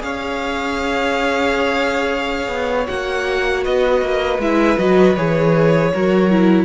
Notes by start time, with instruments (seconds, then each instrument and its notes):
0.00 cello C#4, viola G#4, violin C#5 F5
2.48 cello B3
2.87 cello A#3, viola F#4, violin F#5
3.64 cello B3, violin B4 D#5
4.01 cello A#3
4.38 cello G#3, viola E4, violin E5
4.78 cello F#3, viola F#4, violin D#5
5.15 cello E3, viola G#4, violin C#5
5.94 cello F#3, viola F#4, violin A#4
6.31 viola E4